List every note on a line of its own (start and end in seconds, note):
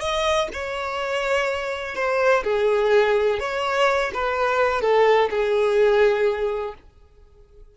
0.00 0.48 D#5
0.53 1.95 C#5
1.95 2.43 C5
2.44 3.39 G#4
3.39 4.11 C#5
4.14 4.81 B4
4.81 5.29 A4
5.30 6.74 G#4